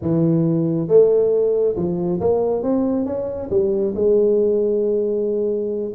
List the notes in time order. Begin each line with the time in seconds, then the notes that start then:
0.01 E3
0.88 A3
1.76 F3
2.20 A#3
2.62 C4
3.05 C#4
3.50 G3
3.95 G#3